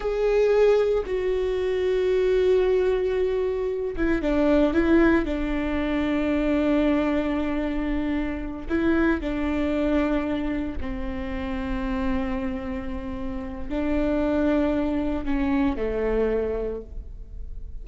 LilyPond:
\new Staff \with { instrumentName = "viola" } { \time 4/4 \tempo 4 = 114 gis'2 fis'2~ | fis'2.~ fis'8 e'8 | d'4 e'4 d'2~ | d'1~ |
d'8 e'4 d'2~ d'8~ | d'8 c'2.~ c'8~ | c'2 d'2~ | d'4 cis'4 a2 | }